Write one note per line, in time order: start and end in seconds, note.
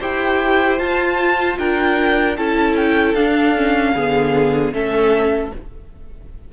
0.00 0.80 E4
0.00 0.79 G4
0.00 1.58 C5
0.00 0.79 G5
0.79 2.37 F4
0.79 1.58 F4
0.79 1.58 A5
1.58 2.37 D4
1.58 2.37 A#4
1.58 2.37 G5
2.37 3.14 C#4
2.37 3.16 E4
2.37 3.95 A4
2.37 2.76 A5
2.76 3.15 G5
3.14 3.93 D4
3.14 3.56 D4
3.14 4.73 F5
3.56 3.96 C#4
3.95 4.73 D3
3.95 4.73 B3
3.95 4.74 G#4
4.73 5.52 A3
4.73 5.52 C#4
4.73 5.53 A4
4.73 5.52 E5